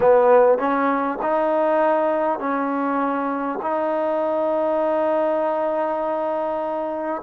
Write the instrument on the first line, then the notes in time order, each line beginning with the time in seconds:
trombone
0.00 B3
0.58 C#4
1.22 D#4
2.39 C#4
3.62 D#4